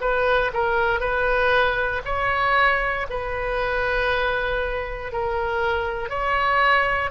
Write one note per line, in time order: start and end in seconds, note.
0.00 0.51 B4
0.53 1.00 A#4
1.00 2.02 B4
2.05 3.06 C#5
3.10 5.12 B4
5.12 6.09 A#4
6.09 7.10 C#5